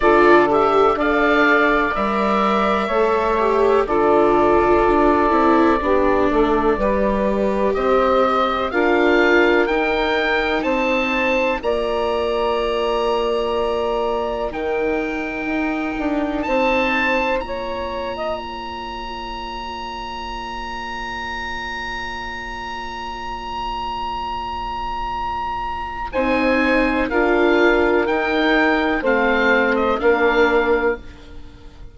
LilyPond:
<<
  \new Staff \with { instrumentName = "oboe" } { \time 4/4 \tempo 4 = 62 d''8 e''8 f''4 e''2 | d''1 | dis''4 f''4 g''4 a''4 | ais''2. g''4~ |
g''4 a''4 ais''2~ | ais''1~ | ais''2. gis''4 | f''4 g''4 f''8. dis''16 f''4 | }
  \new Staff \with { instrumentName = "saxophone" } { \time 4/4 a'4 d''2 cis''4 | a'2 g'8 a'8 b'4 | c''4 ais'2 c''4 | d''2. ais'4~ |
ais'4 c''4 cis''8. dis''16 cis''4~ | cis''1~ | cis''2. c''4 | ais'2 c''4 ais'4 | }
  \new Staff \with { instrumentName = "viola" } { \time 4/4 f'8 g'8 a'4 ais'4 a'8 g'8 | f'4. e'8 d'4 g'4~ | g'4 f'4 dis'2 | f'2. dis'4~ |
dis'2 f'2~ | f'1~ | f'2. dis'4 | f'4 dis'4 c'4 d'4 | }
  \new Staff \with { instrumentName = "bassoon" } { \time 4/4 d4 d'4 g4 a4 | d4 d'8 c'8 b8 a8 g4 | c'4 d'4 dis'4 c'4 | ais2. dis4 |
dis'8 d'8 c'4 ais2~ | ais1~ | ais2. c'4 | d'4 dis'4 a4 ais4 | }
>>